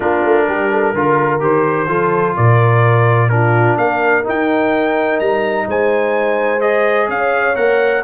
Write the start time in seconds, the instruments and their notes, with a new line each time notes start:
0.00 tuba A#3, trombone D4, horn F4, trumpet A#4
0.25 tuba A3
0.47 tuba G3, horn G4
0.71 horn A4
0.94 tuba D3, trombone F4, horn A#4
1.39 tuba D#3, trombone G4, trumpet C5
1.88 tuba F3, trombone F4, horn A4
2.35 tuba A#2, horn A#4, trumpet D5
3.29 trombone D4, horn F4, trumpet A#4
3.77 tuba A#3, horn A#4, trumpet F5
4.23 trombone D#4, tuba D#4, trumpet G5
5.19 tuba G3, trumpet A#5
5.67 tuba G#3, horn C5, trumpet G#5
6.60 trombone G#4, trumpet D#5
7.08 tuba C#4, horn C#5, trumpet F5
7.55 tuba A#3, trombone A#4, trumpet F#5